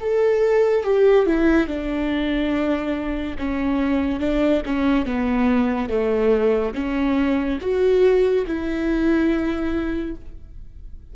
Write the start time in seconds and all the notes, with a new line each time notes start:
0.00 A4
0.84 G4
1.26 E4
1.67 D4
3.38 C#4
4.19 D4
4.65 C#4
5.05 B3
5.89 A3
6.74 C#4
7.61 F#4
8.46 E4